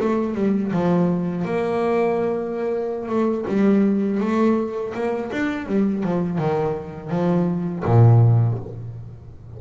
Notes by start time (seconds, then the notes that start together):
0.00 A3
0.35 G3
0.72 F3
1.45 A#3
3.09 A3
3.48 G3
4.20 A3
4.94 A#3
5.32 D4
5.67 G3
6.03 F3
6.39 D#3
7.11 F3
7.85 A#2